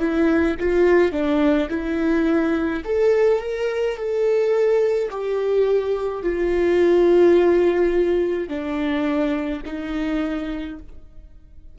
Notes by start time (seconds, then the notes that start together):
0.00 E4
0.60 F4
1.12 D4
1.70 E4
2.85 A4
3.41 A#4
3.97 A4
5.11 G4
6.23 F4
8.49 D4
9.66 D#4